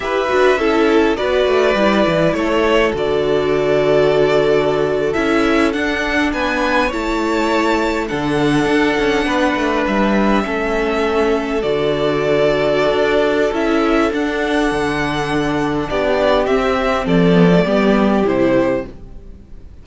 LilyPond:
<<
  \new Staff \with { instrumentName = "violin" } { \time 4/4 \tempo 4 = 102 e''2 d''2 | cis''4 d''2.~ | d''8. e''4 fis''4 gis''4 a''16~ | a''4.~ a''16 fis''2~ fis''16~ |
fis''8. e''2. d''16~ | d''2. e''4 | fis''2. d''4 | e''4 d''2 c''4 | }
  \new Staff \with { instrumentName = "violin" } { \time 4/4 b'4 a'4 b'2 | a'1~ | a'2~ a'8. b'4 cis''16~ | cis''4.~ cis''16 a'2 b'16~ |
b'4.~ b'16 a'2~ a'16~ | a'1~ | a'2. g'4~ | g'4 a'4 g'2 | }
  \new Staff \with { instrumentName = "viola" } { \time 4/4 g'8 fis'8 e'4 fis'4 e'4~ | e'4 fis'2.~ | fis'8. e'4 d'2 e'16~ | e'4.~ e'16 d'2~ d'16~ |
d'4.~ d'16 cis'2 fis'16~ | fis'2. e'4 | d'1 | c'4. b16 a16 b4 e'4 | }
  \new Staff \with { instrumentName = "cello" } { \time 4/4 e'8 d'8 cis'4 b8 a8 g8 e8 | a4 d2.~ | d8. cis'4 d'4 b4 a16~ | a4.~ a16 d4 d'8 cis'8 b16~ |
b16 a8 g4 a2 d16~ | d2 d'4 cis'4 | d'4 d2 b4 | c'4 f4 g4 c4 | }
>>